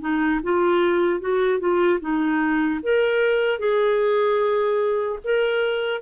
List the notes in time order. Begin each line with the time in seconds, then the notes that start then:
0.00 D#4
0.43 F4
1.20 F#4
1.60 F4
2.00 D#4
2.83 A#4
3.59 G#4
5.24 A#4